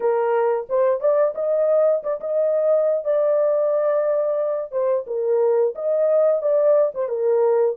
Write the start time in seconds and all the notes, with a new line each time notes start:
0.00 A#4
0.69 C5
1.00 D5
1.35 D#5
2.03 D5
2.20 D#5
3.04 D5
4.71 C5
5.07 A#4
5.75 D#5
6.42 D5
6.94 C5
7.08 A#4